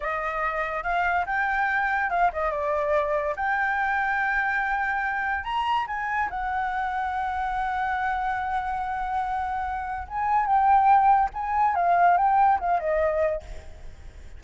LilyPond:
\new Staff \with { instrumentName = "flute" } { \time 4/4 \tempo 4 = 143 dis''2 f''4 g''4~ | g''4 f''8 dis''8 d''2 | g''1~ | g''4 ais''4 gis''4 fis''4~ |
fis''1~ | fis''1 | gis''4 g''2 gis''4 | f''4 g''4 f''8 dis''4. | }